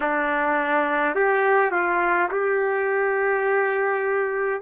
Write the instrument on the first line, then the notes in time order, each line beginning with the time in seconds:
trumpet
0.00 D4
1.15 G4
1.71 F4
2.31 G4